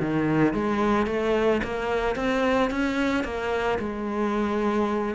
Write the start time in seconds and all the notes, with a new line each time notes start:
0.00 D#3
0.54 G#3
1.07 A3
1.64 A#3
2.16 C4
2.70 C#4
3.24 A#3
3.79 G#3